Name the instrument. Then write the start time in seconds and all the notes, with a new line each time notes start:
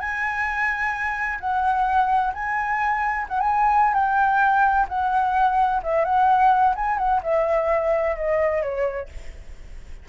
flute
0.00 G#5
1.41 F#5
2.34 G#5
3.29 F#5
3.41 G#5
3.94 G5
4.89 F#5
5.84 E5
6.05 F#5
6.76 G#5
6.98 F#5
7.23 E5
8.17 D#5
8.63 C#5